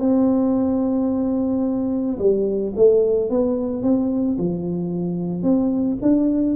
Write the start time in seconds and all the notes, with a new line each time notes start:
0.00 C4
2.19 G3
2.76 A3
3.30 B3
3.82 C4
4.38 F3
5.42 C4
6.02 D4